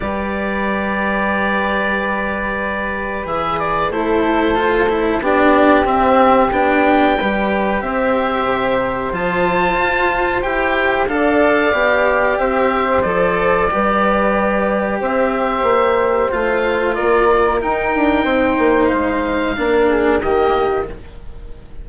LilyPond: <<
  \new Staff \with { instrumentName = "oboe" } { \time 4/4 \tempo 4 = 92 d''1~ | d''4 e''8 d''8 c''2 | d''4 e''4 g''2 | e''2 a''2 |
g''4 f''2 e''4 | d''2. e''4~ | e''4 f''4 d''4 g''4~ | g''4 f''2 dis''4 | }
  \new Staff \with { instrumentName = "flute" } { \time 4/4 b'1~ | b'2 a'2 | g'2. b'4 | c''1~ |
c''4 d''2 c''4~ | c''4 b'2 c''4~ | c''2 ais'2 | c''2 ais'8 gis'8 g'4 | }
  \new Staff \with { instrumentName = "cello" } { \time 4/4 g'1~ | g'4 gis'4 e'4 f'8 e'8 | d'4 c'4 d'4 g'4~ | g'2 f'2 |
g'4 a'4 g'2 | a'4 g'2.~ | g'4 f'2 dis'4~ | dis'2 d'4 ais4 | }
  \new Staff \with { instrumentName = "bassoon" } { \time 4/4 g1~ | g4 e4 a2 | b4 c'4 b4 g4 | c'4 c4 f4 f'4 |
e'4 d'4 b4 c'4 | f4 g2 c'4 | ais4 a4 ais4 dis'8 d'8 | c'8 ais8 gis4 ais4 dis4 | }
>>